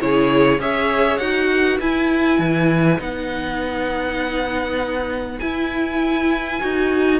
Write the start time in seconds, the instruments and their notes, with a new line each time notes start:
0.00 cello C#3, viola E4, violin G#4 C#5
0.59 cello C#4, viola G#4, violin C#5 E5
1.18 cello D#4, viola F#4, violin F#5
1.51 violin B4
1.80 cello E4, viola E4, violin G#5
2.39 cello E3
2.99 cello B3, viola D#4, violin F#5
5.40 cello E4, viola E4, violin G#5
6.61 cello D#4, viola F#4